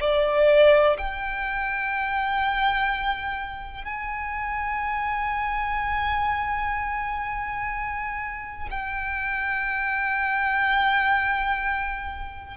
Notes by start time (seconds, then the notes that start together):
0.00 D5
0.98 G5
3.84 G#5
8.70 G5